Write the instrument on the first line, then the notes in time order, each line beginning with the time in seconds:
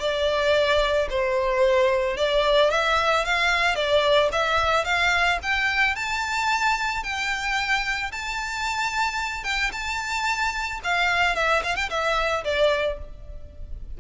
violin
0.00 D5
1.10 C5
2.17 D5
2.71 E5
3.25 F5
3.76 D5
4.32 E5
4.85 F5
5.43 G5
5.96 A5
7.03 G5
8.12 A5
9.44 G5
9.72 A5
10.84 F5
11.36 E5
11.64 F5
11.76 G5
11.90 E5
12.44 D5